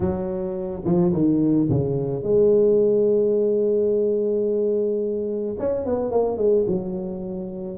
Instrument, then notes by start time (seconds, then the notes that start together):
tuba
0.00 F#3
0.84 F3
1.12 D#3
1.69 C#3
2.22 G#3
5.58 C#4
5.85 B3
6.11 A#3
6.37 G#3
6.67 F#3